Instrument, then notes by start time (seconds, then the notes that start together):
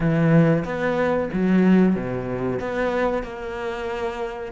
cello
0.00 E3
0.65 B3
1.33 F#3
1.95 B2
2.59 B3
3.23 A#3